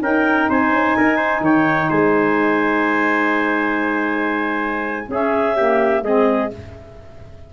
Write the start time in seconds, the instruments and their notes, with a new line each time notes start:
0.00 tuba C#4, saxophone D#4, trumpet A#4, clarinet G5
0.50 tuba C4, trumpet C5, clarinet G#5
0.73 tuba C#4
0.97 tuba D#4, trumpet A#4
1.17 trumpet C5
1.41 tuba D#3, trumpet C#5, clarinet G5
1.89 tuba G#3, trumpet C5, clarinet G#5
5.09 tuba C#4, saxophone C#4, trumpet G#4, clarinet E5
5.56 saxophone A#3, trumpet G4
6.03 tuba G#3, saxophone C4, trumpet G#4, clarinet D#5